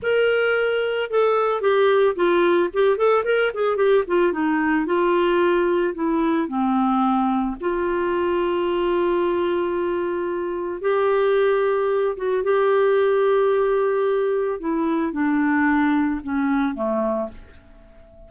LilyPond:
\new Staff \with { instrumentName = "clarinet" } { \time 4/4 \tempo 4 = 111 ais'2 a'4 g'4 | f'4 g'8 a'8 ais'8 gis'8 g'8 f'8 | dis'4 f'2 e'4 | c'2 f'2~ |
f'1 | g'2~ g'8 fis'8 g'4~ | g'2. e'4 | d'2 cis'4 a4 | }